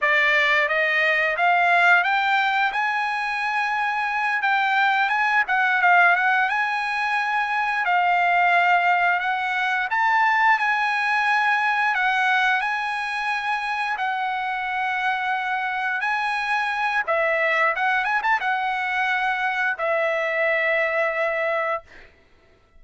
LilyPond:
\new Staff \with { instrumentName = "trumpet" } { \time 4/4 \tempo 4 = 88 d''4 dis''4 f''4 g''4 | gis''2~ gis''8 g''4 gis''8 | fis''8 f''8 fis''8 gis''2 f''8~ | f''4. fis''4 a''4 gis''8~ |
gis''4. fis''4 gis''4.~ | gis''8 fis''2. gis''8~ | gis''4 e''4 fis''8 gis''16 a''16 fis''4~ | fis''4 e''2. | }